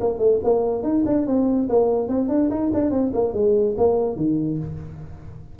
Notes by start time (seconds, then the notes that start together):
0.00 A#3
0.19 A3
0.43 A#3
0.83 D#4
1.05 D4
1.27 C4
1.69 A#3
2.08 C4
2.29 D4
2.50 D#4
2.73 D4
2.91 C4
3.13 A#3
3.33 G#3
3.77 A#3
4.16 D#3